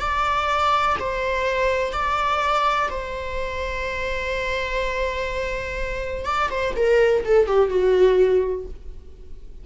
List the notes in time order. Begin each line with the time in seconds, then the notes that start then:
0.00 D5
0.99 C5
1.93 D5
2.90 C5
6.25 D5
6.50 C5
6.76 A#4
7.24 A4
7.46 G4
7.69 F#4